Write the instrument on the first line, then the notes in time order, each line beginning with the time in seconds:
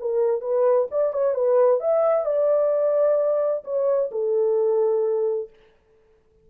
horn
0.00 A#4
0.41 B4
0.91 D5
1.13 C#5
1.34 B4
1.80 E5
2.26 D5
3.64 C#5
4.12 A4